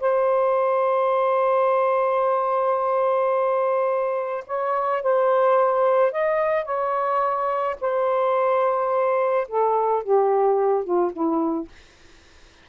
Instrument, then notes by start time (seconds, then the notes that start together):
saxophone
0.00 C5
4.47 C#5
5.02 C5
6.12 D#5
6.65 C#5
7.81 C5
9.48 A4
10.03 G4
10.84 F4
11.12 E4